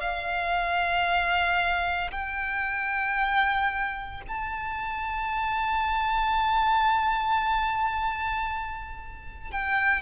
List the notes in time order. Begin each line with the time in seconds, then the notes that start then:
0.00 F5
2.11 G5
4.28 A5
9.51 G5